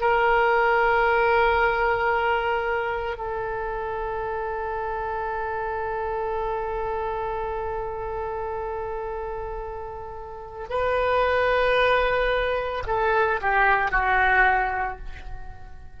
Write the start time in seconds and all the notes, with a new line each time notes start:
0.00 A#4
3.17 A4
10.69 B4
12.87 A4
13.41 G4
13.91 F#4